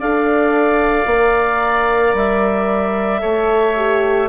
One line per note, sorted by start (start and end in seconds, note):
0.00 1.06 D4
0.00 1.08 A4
0.00 3.21 D5
0.00 2.15 F5
1.06 2.13 A#3
1.06 3.20 A#4
2.14 3.21 G3
2.14 4.29 E5
3.20 4.29 A3
3.20 3.74 A4
3.20 4.29 C#5
3.77 4.29 G4